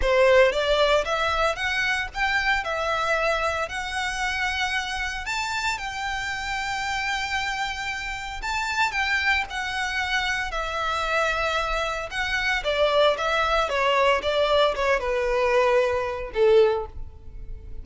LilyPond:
\new Staff \with { instrumentName = "violin" } { \time 4/4 \tempo 4 = 114 c''4 d''4 e''4 fis''4 | g''4 e''2 fis''4~ | fis''2 a''4 g''4~ | g''1 |
a''4 g''4 fis''2 | e''2. fis''4 | d''4 e''4 cis''4 d''4 | cis''8 b'2~ b'8 a'4 | }